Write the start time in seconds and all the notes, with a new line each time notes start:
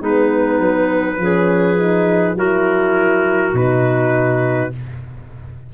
0.00 G#3 B3 D#4 B4
0.59 F#3
1.18 F3 C#4 G#4
1.77 D#4
2.36 F#3 E4 F#4 A#4
3.54 B2 D#4 B4